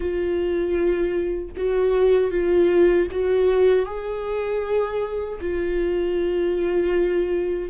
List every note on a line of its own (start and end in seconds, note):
0.00 1.49 F4
1.56 2.30 F#4
2.30 3.07 F4
3.11 3.85 F#4
3.85 5.39 G#4
5.41 7.69 F4